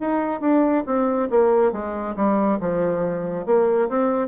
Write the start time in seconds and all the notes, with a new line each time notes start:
0.00 D#4
0.41 D4
0.86 C4
1.30 A#3
1.72 G#3
2.16 G3
2.60 F3
3.46 A#3
3.89 C4